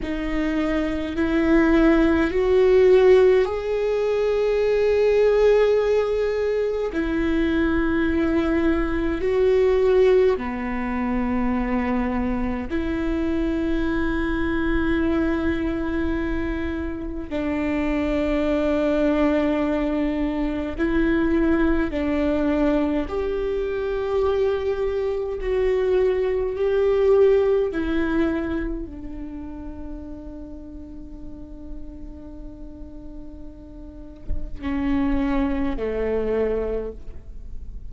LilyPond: \new Staff \with { instrumentName = "viola" } { \time 4/4 \tempo 4 = 52 dis'4 e'4 fis'4 gis'4~ | gis'2 e'2 | fis'4 b2 e'4~ | e'2. d'4~ |
d'2 e'4 d'4 | g'2 fis'4 g'4 | e'4 d'2.~ | d'2 cis'4 a4 | }